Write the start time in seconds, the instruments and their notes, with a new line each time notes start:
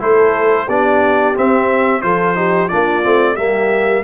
0.00 tuba A3, trombone E4, horn A4, trumpet C5
0.67 tuba B3, trombone D4, horn G4, trumpet D5
1.35 trombone C4, tuba C4, trumpet E5
2.02 tuba F3, trombone F4, horn A4, trumpet C5
2.36 trombone D#4, horn G4
2.69 tuba A#3, trombone D4, horn F4, trumpet D5
3.04 tuba A3, trombone C4
3.34 tuba G3, trombone A#3, horn G4, trumpet E5